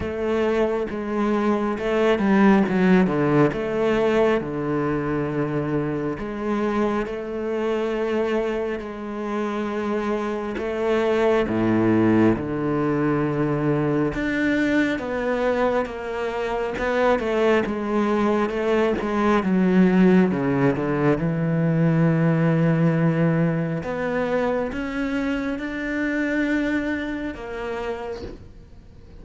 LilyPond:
\new Staff \with { instrumentName = "cello" } { \time 4/4 \tempo 4 = 68 a4 gis4 a8 g8 fis8 d8 | a4 d2 gis4 | a2 gis2 | a4 a,4 d2 |
d'4 b4 ais4 b8 a8 | gis4 a8 gis8 fis4 cis8 d8 | e2. b4 | cis'4 d'2 ais4 | }